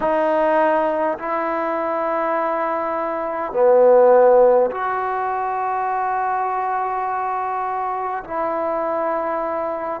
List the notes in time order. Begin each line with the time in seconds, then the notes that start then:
0.00 D#4
1.18 E4
3.52 B3
4.71 F#4
8.24 E4